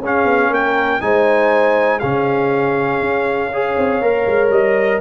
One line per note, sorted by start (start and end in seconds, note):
0.00 0.25 C#4
0.00 1.01 C#4
0.00 0.51 G#4
0.00 0.54 F5
0.25 0.50 B3
0.50 1.00 A#3
0.50 1.01 A#4
0.50 1.01 G5
1.01 2.02 G#3
1.01 2.01 D#4
1.01 2.00 C5
1.01 1.99 G#5
1.99 3.01 C#3
1.99 3.52 C#4
1.99 3.50 G#4
1.99 4.49 F5
3.01 3.76 C#4
3.52 4.02 G#4
3.52 5.01 C#5
3.78 4.01 C4
4.01 4.26 A#3
4.01 5.01 A#4
4.27 4.50 G#3
4.50 5.00 G3
4.50 5.01 D#5